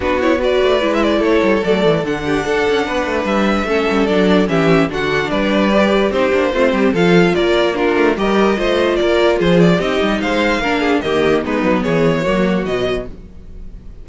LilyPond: <<
  \new Staff \with { instrumentName = "violin" } { \time 4/4 \tempo 4 = 147 b'8 cis''8 d''4~ d''16 e''16 d''8 cis''4 | d''4 fis''2. | e''2 d''4 e''4 | fis''4 d''2 c''4~ |
c''4 f''4 d''4 ais'4 | dis''2 d''4 c''8 d''8 | dis''4 f''2 dis''4 | b'4 cis''2 dis''4 | }
  \new Staff \with { instrumentName = "violin" } { \time 4/4 fis'4 b'2 a'4~ | a'4. g'8 a'4 b'4~ | b'4 a'2 g'4 | fis'4 b'2 g'4 |
f'8 g'8 a'4 ais'4 f'4 | ais'4 c''4 ais'4 gis'4 | g'4 c''4 ais'8 gis'8 g'4 | dis'4 gis'4 fis'2 | }
  \new Staff \with { instrumentName = "viola" } { \time 4/4 d'8 e'8 fis'4 e'2 | a4 d'2.~ | d'4 cis'4 d'4 cis'4 | d'2 g'4 dis'8 d'8 |
c'4 f'2 d'4 | g'4 f'2. | dis'2 d'4 ais4 | b2 ais4 fis4 | }
  \new Staff \with { instrumentName = "cello" } { \time 4/4 b4. a8 gis4 a8 g8 | fis8 e8 d4 d'8 cis'8 b8 a8 | g4 a8 g8 fis4 e4 | d4 g2 c'8 ais8 |
a8 g8 f4 ais4. a8 | g4 a4 ais4 f4 | c'8 g8 gis4 ais4 dis4 | gis8 fis8 e4 fis4 b,4 | }
>>